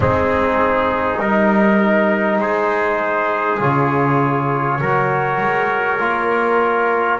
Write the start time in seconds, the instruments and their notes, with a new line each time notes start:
0.00 double bass G#3, trombone C4, trumpet D#4 G#4
1.19 double bass G3, trombone D#4, trumpet A#4
2.38 double bass G#3, trumpet G#4 C5
3.59 double bass C#3, trombone F4, trumpet C#5
4.80 double bass F#3, trombone F#4, trumpet A#4
5.41 double bass G#3
5.99 double bass A#3, trombone F4